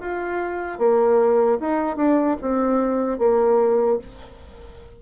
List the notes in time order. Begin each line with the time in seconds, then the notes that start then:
0.00 F4
0.78 A#3
1.60 D#4
1.96 D4
2.41 C4
3.18 A#3